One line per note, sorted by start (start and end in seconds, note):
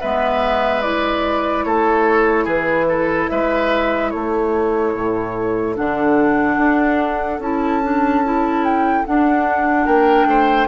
0.00 1.65 G#3
0.00 0.82 B3
0.00 1.64 B4
0.00 0.81 E5
0.81 5.75 E4
0.81 1.64 D5
1.64 2.46 A3
1.64 2.44 A4
1.64 2.46 C#5
2.44 3.28 E3
2.44 2.85 G#4
2.44 3.29 B4
2.89 3.30 A4
3.29 4.14 G#3
3.29 4.11 B4
3.29 4.10 E5
4.10 4.94 A3
4.10 9.85 A4
4.10 5.74 C#5
4.94 5.76 A2
5.75 6.57 D3
5.75 7.40 D4
5.75 7.41 F#5
6.57 7.39 D4
7.39 9.03 C#4
7.39 7.82 E4
7.39 8.64 A5
7.83 8.24 D4
8.24 9.05 E4
8.64 9.05 G5
9.05 10.67 D4
9.05 9.87 D4
9.05 9.86 F#5
9.85 10.25 A#3
9.85 10.27 A#4
9.85 10.67 G5
10.25 10.66 A3
10.25 10.67 C5